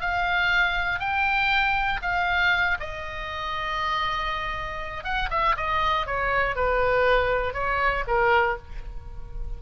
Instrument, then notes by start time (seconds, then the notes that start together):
oboe
0.00 F5
0.99 G5
2.02 F5
2.80 D#5
5.04 F#5
5.30 E5
5.56 D#5
6.06 C#5
6.55 B4
7.53 C#5
8.07 A#4